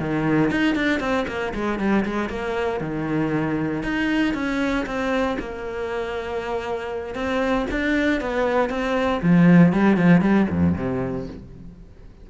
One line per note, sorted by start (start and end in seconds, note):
0.00 0.51 D#3
0.51 0.76 D#4
0.76 1.00 D4
1.00 1.26 C4
1.28 1.54 A#3
1.55 1.80 G#3
1.80 2.05 G3
2.06 2.30 G#3
2.30 2.81 A#3
2.81 3.83 D#3
3.83 4.34 D#4
4.35 4.86 C#4
4.87 5.38 C4
5.40 7.15 A#3
7.15 7.66 C4
7.72 8.21 D4
8.21 8.70 B3
8.70 9.21 C4
9.23 9.73 F3
9.73 9.97 G3
9.97 10.22 F3
10.22 10.47 G3
10.51 10.76 F2
10.76 11.28 C3